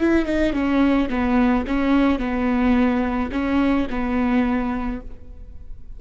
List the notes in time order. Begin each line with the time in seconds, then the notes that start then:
0.00 E4
0.25 D#4
0.53 C#4
1.09 B3
1.67 C#4
2.19 B3
3.32 C#4
3.89 B3